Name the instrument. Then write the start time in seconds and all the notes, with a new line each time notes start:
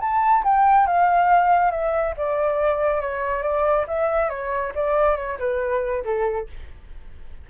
flute
0.00 A5
0.44 G5
0.86 F5
1.71 E5
2.17 D5
3.01 C#5
3.42 D5
3.87 E5
4.29 C#5
4.75 D5
5.16 C#5
5.39 B4
6.04 A4